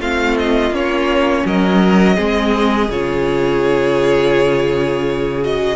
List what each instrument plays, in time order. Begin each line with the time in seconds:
0.00 cello A3, viola C4, violin F4 F5
0.39 violin D#5
0.71 cello A#3, viola C#4, violin C#5
1.46 cello F#3, violin A#4 D#5
2.16 cello G#3, viola C4, violin G#4
2.89 cello C#3, viola F4, violin C#5
5.42 viola F#4, violin D#5